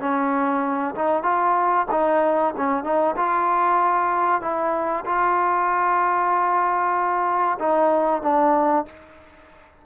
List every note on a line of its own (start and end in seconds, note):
0.00 0.95 C#4
0.95 1.23 D#4
1.23 1.86 F4
1.91 2.54 D#4
2.57 2.84 C#4
2.84 3.16 D#4
3.16 4.42 F4
4.42 5.05 E4
5.06 7.58 F4
7.59 8.22 D#4
8.22 8.85 D4